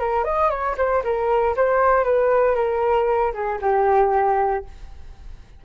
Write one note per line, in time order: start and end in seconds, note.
0.00 0.24 A#4
0.24 0.50 D#5
0.50 0.76 C#5
0.78 1.03 C5
1.04 1.56 A#4
1.56 2.04 C5
2.04 2.56 B4
2.56 3.33 A#4
3.33 3.59 G#4
3.62 4.65 G4